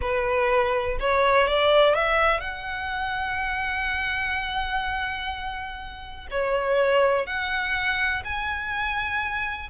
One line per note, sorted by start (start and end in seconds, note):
0.01 0.98 B4
1.00 1.47 C#5
1.47 1.94 D5
1.94 2.40 E5
2.40 6.27 F#5
6.30 7.26 C#5
7.26 8.23 F#5
8.24 9.69 G#5